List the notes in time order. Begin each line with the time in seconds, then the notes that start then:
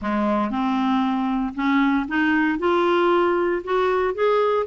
0.01 G#3
0.50 C4
1.54 C#4
2.07 D#4
2.58 F4
3.64 F#4
4.14 G#4